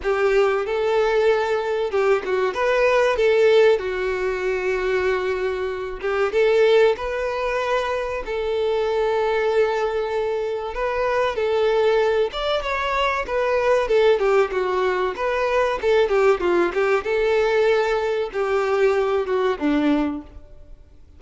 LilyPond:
\new Staff \with { instrumentName = "violin" } { \time 4/4 \tempo 4 = 95 g'4 a'2 g'8 fis'8 | b'4 a'4 fis'2~ | fis'4. g'8 a'4 b'4~ | b'4 a'2.~ |
a'4 b'4 a'4. d''8 | cis''4 b'4 a'8 g'8 fis'4 | b'4 a'8 g'8 f'8 g'8 a'4~ | a'4 g'4. fis'8 d'4 | }